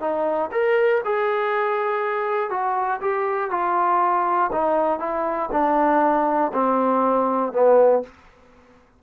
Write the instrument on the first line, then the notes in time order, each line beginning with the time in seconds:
trombone
0.00 D#4
0.51 A#4
1.04 G#4
2.50 F#4
3.01 G4
3.50 F4
4.52 D#4
4.99 E4
5.52 D4
6.53 C4
7.52 B3